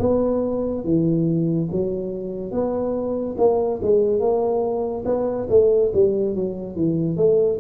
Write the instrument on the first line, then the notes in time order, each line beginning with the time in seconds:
tuba
0.00 B3
0.85 E3
1.71 F#3
2.52 B3
3.38 A#3
3.83 G#3
4.20 A#3
5.05 B3
5.50 A3
5.94 G3
6.35 F#3
6.76 E3
7.17 A3